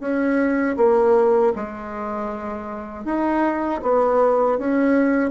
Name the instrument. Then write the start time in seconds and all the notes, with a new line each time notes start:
bassoon
0.00 C#4
0.77 A#3
1.56 G#3
3.05 D#4
3.82 B3
4.58 C#4